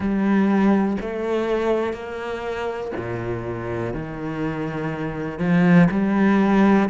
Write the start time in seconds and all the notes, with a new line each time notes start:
0.00 G3
1.00 A3
1.93 A#3
2.96 A#2
3.93 D#3
5.38 F3
5.91 G3